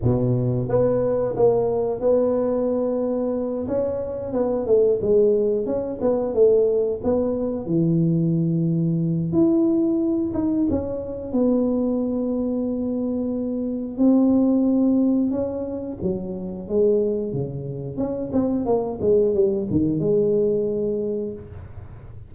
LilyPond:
\new Staff \with { instrumentName = "tuba" } { \time 4/4 \tempo 4 = 90 b,4 b4 ais4 b4~ | b4. cis'4 b8 a8 gis8~ | gis8 cis'8 b8 a4 b4 e8~ | e2 e'4. dis'8 |
cis'4 b2.~ | b4 c'2 cis'4 | fis4 gis4 cis4 cis'8 c'8 | ais8 gis8 g8 dis8 gis2 | }